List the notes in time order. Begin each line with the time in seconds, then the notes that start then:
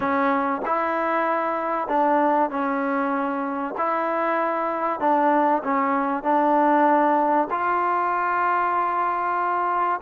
0.00 C#4
0.65 E4
1.88 D4
2.49 C#4
3.77 E4
5.00 D4
5.63 C#4
6.23 D4
7.50 F4